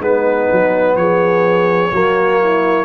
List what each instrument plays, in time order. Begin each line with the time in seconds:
0.00 tuba G#3, trombone B3, horn D#4, trumpet B4
0.52 tuba F#3
0.96 tuba F3, horn G#4, trumpet C#5
1.92 tuba F#3, trombone A#3, horn F#4
2.41 horn E4